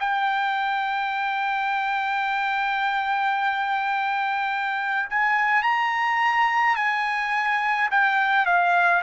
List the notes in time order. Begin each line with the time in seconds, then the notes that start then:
0.00 G5
5.10 G#5
5.63 A#5
6.76 G#5
7.91 G5
8.46 F5